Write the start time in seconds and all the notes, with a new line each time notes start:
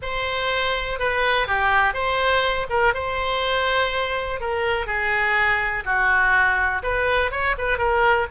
0.01 C5
0.99 B4
1.47 G4
1.93 C5
2.69 A#4
2.94 C5
4.40 A#4
4.86 G#4
5.84 F#4
6.82 B4
7.31 C#5
7.57 B4
7.78 A#4